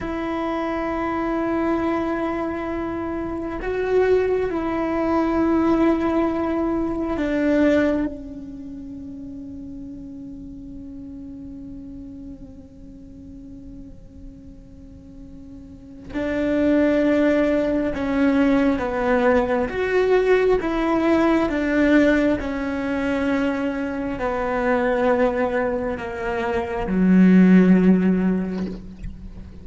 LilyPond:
\new Staff \with { instrumentName = "cello" } { \time 4/4 \tempo 4 = 67 e'1 | fis'4 e'2. | d'4 cis'2.~ | cis'1~ |
cis'2 d'2 | cis'4 b4 fis'4 e'4 | d'4 cis'2 b4~ | b4 ais4 fis2 | }